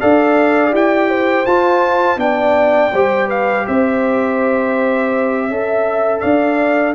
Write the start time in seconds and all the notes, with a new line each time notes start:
0.00 D4 A4 D5 F5
0.71 E4 G4 G5
1.09 C5
1.46 F4 A5
2.16 B3 D4 D5 G5
2.93 G3 G4 C5
3.27 B4 F5
3.67 C4 C5 E5
5.48 C#4 A4 E5
6.20 D4 D5 F5